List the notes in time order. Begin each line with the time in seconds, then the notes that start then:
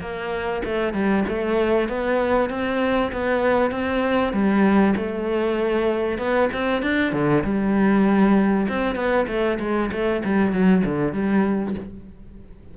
0.00 A#3
0.64 A3
0.93 G3
1.28 A3
1.88 B3
2.49 C4
3.12 B3
3.71 C4
4.32 G3
4.96 A3
6.18 B3
6.52 C4
6.82 D4
7.12 D3
7.43 G3
8.69 C4
8.95 B3
9.27 A3
9.59 G#3
9.91 A3
10.24 G3
10.52 F#3
10.85 D3
11.12 G3